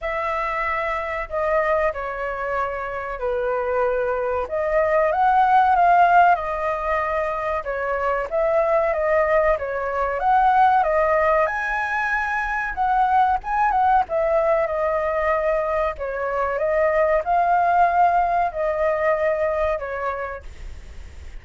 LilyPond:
\new Staff \with { instrumentName = "flute" } { \time 4/4 \tempo 4 = 94 e''2 dis''4 cis''4~ | cis''4 b'2 dis''4 | fis''4 f''4 dis''2 | cis''4 e''4 dis''4 cis''4 |
fis''4 dis''4 gis''2 | fis''4 gis''8 fis''8 e''4 dis''4~ | dis''4 cis''4 dis''4 f''4~ | f''4 dis''2 cis''4 | }